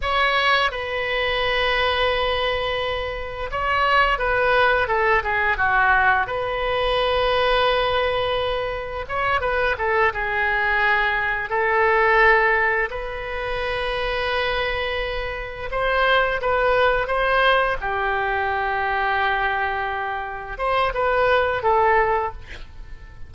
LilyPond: \new Staff \with { instrumentName = "oboe" } { \time 4/4 \tempo 4 = 86 cis''4 b'2.~ | b'4 cis''4 b'4 a'8 gis'8 | fis'4 b'2.~ | b'4 cis''8 b'8 a'8 gis'4.~ |
gis'8 a'2 b'4.~ | b'2~ b'8 c''4 b'8~ | b'8 c''4 g'2~ g'8~ | g'4. c''8 b'4 a'4 | }